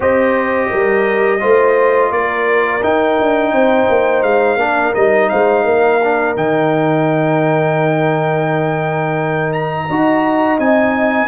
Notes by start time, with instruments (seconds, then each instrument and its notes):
0.00 tuba C4, trombone G4, horn C5, trumpet D#5
0.69 tuba G3, horn A#4
1.40 tuba A3, trombone F4, horn C5
2.11 tuba A#3, horn A#4, trumpet D5
2.82 trombone D#4, tuba D#4, trumpet G5
3.19 tuba D4
3.52 tuba C4, horn C5
3.89 tuba A#3
4.22 tuba G#3, trumpet F5
4.56 tuba A#3, trombone D4, horn A#4
4.94 tuba G3, trombone D#4, trumpet D#5
5.29 tuba G#3, horn C5, trumpet F5
5.64 tuba A#3, horn A#4
6.03 trombone D4
6.36 tuba D#3, trombone D#4, trumpet G5
9.52 trumpet A#5
9.88 tuba D#4, trombone F#4, horn D#5
10.58 tuba C4, trombone D#4, trumpet G#5